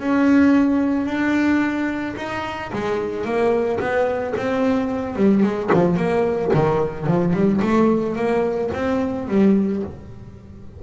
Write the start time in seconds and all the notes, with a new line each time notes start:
0.00 C#4
1.06 D4
2.17 D#4
2.73 G#3
3.25 A#3
3.80 B3
4.37 C4
5.16 G3
5.43 G#3
5.74 F3
5.97 A#3
6.54 D#3
7.07 F3
7.34 G3
7.62 A3
8.16 A#3
8.74 C4
9.29 G3